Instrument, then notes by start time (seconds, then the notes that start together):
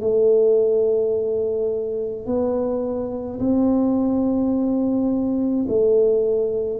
tuba
0.00 A3
2.26 B3
3.39 C4
5.68 A3